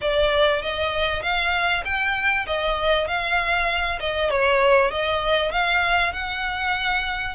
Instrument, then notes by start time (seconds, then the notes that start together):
violin
0.01 D5
0.62 D#5
1.22 F5
1.85 G5
2.46 D#5
3.07 F5
4.00 D#5
4.30 C#5
4.90 D#5
5.51 F5
6.13 F#5